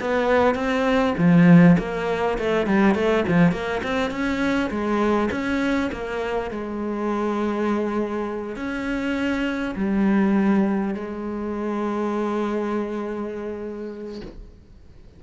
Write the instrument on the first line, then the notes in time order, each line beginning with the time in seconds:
cello
0.00 B3
0.55 C4
1.17 F3
1.78 A#3
2.38 A3
2.66 G3
2.94 A3
3.28 F3
3.52 A#3
3.83 C4
4.10 C#4
4.70 G#3
5.31 C#4
5.92 A#3
6.51 G#3
8.56 C#4
9.75 G3
10.94 G#3